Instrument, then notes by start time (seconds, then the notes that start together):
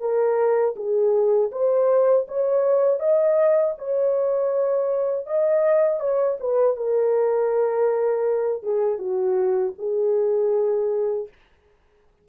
horn
0.00 A#4
0.76 G#4
1.52 C5
2.28 C#5
3.00 D#5
3.78 C#5
5.27 D#5
6.00 C#5
6.41 B4
6.77 A#4
8.63 G#4
8.99 F#4
9.79 G#4